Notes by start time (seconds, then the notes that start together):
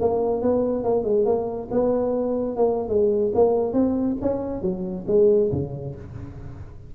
0.00 A#3
0.42 B3
0.84 A#3
1.04 G#3
1.25 A#3
1.71 B3
2.56 A#3
2.88 G#3
3.34 A#3
3.73 C4
4.21 C#4
4.61 F#3
5.07 G#3
5.51 C#3